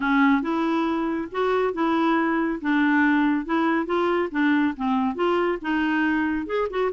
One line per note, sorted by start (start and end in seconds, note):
0.00 0.42 C#4
0.42 1.28 E4
1.31 1.73 F#4
1.73 2.59 E4
2.61 3.45 D4
3.45 3.86 E4
3.86 4.29 F4
4.31 4.74 D4
4.76 5.15 C4
5.15 5.58 F4
5.61 6.46 D#4
6.46 6.68 G#4
6.70 6.91 F#4